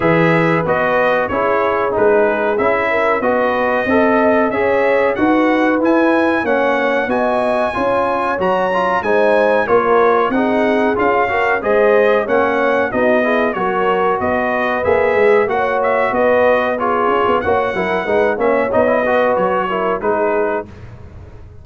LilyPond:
<<
  \new Staff \with { instrumentName = "trumpet" } { \time 4/4 \tempo 4 = 93 e''4 dis''4 cis''4 b'4 | e''4 dis''2 e''4 | fis''4 gis''4 fis''4 gis''4~ | gis''4 ais''4 gis''4 cis''4 |
fis''4 f''4 dis''4 fis''4 | dis''4 cis''4 dis''4 e''4 | fis''8 e''8 dis''4 cis''4 fis''4~ | fis''8 e''8 dis''4 cis''4 b'4 | }
  \new Staff \with { instrumentName = "horn" } { \time 4/4 b'2 gis'2~ | gis'8 ais'8 b'4 dis''4 cis''4 | b'2 cis''4 dis''4 | cis''2 c''4 ais'4 |
gis'4. ais'8 c''4 cis''4 | fis'8 gis'8 ais'4 b'2 | cis''4 b'4 gis'4 cis''8 ais'8 | b'8 cis''4 b'4 ais'8 gis'4 | }
  \new Staff \with { instrumentName = "trombone" } { \time 4/4 gis'4 fis'4 e'4 dis'4 | e'4 fis'4 a'4 gis'4 | fis'4 e'4 cis'4 fis'4 | f'4 fis'8 f'8 dis'4 f'4 |
dis'4 f'8 fis'8 gis'4 cis'4 | dis'8 e'8 fis'2 gis'4 | fis'2 f'4 fis'8 e'8 | dis'8 cis'8 dis'16 e'16 fis'4 e'8 dis'4 | }
  \new Staff \with { instrumentName = "tuba" } { \time 4/4 e4 b4 cis'4 gis4 | cis'4 b4 c'4 cis'4 | dis'4 e'4 ais4 b4 | cis'4 fis4 gis4 ais4 |
c'4 cis'4 gis4 ais4 | b4 fis4 b4 ais8 gis8 | ais4 b4. cis'16 b16 ais8 fis8 | gis8 ais8 b4 fis4 gis4 | }
>>